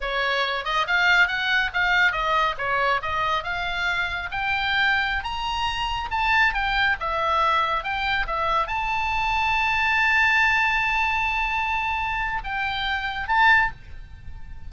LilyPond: \new Staff \with { instrumentName = "oboe" } { \time 4/4 \tempo 4 = 140 cis''4. dis''8 f''4 fis''4 | f''4 dis''4 cis''4 dis''4 | f''2 g''2~ | g''16 ais''2 a''4 g''8.~ |
g''16 e''2 g''4 e''8.~ | e''16 a''2.~ a''8.~ | a''1~ | a''4 g''2 a''4 | }